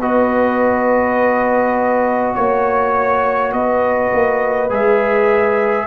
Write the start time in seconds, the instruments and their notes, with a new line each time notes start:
0.00 tuba B3, trombone F#4, horn B4, trumpet D#5
2.35 tuba A#3, trumpet C#5, horn C#5
3.53 tuba B3, horn B4, trumpet D#5
4.13 tuba A#3
4.70 tuba G#3, trombone G#4, trumpet E5